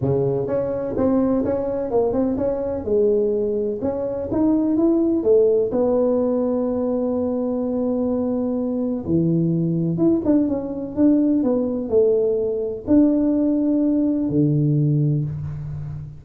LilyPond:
\new Staff \with { instrumentName = "tuba" } { \time 4/4 \tempo 4 = 126 cis4 cis'4 c'4 cis'4 | ais8 c'8 cis'4 gis2 | cis'4 dis'4 e'4 a4 | b1~ |
b2. e4~ | e4 e'8 d'8 cis'4 d'4 | b4 a2 d'4~ | d'2 d2 | }